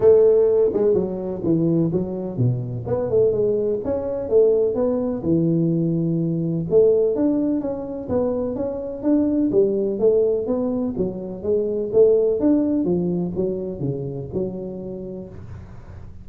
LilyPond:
\new Staff \with { instrumentName = "tuba" } { \time 4/4 \tempo 4 = 126 a4. gis8 fis4 e4 | fis4 b,4 b8 a8 gis4 | cis'4 a4 b4 e4~ | e2 a4 d'4 |
cis'4 b4 cis'4 d'4 | g4 a4 b4 fis4 | gis4 a4 d'4 f4 | fis4 cis4 fis2 | }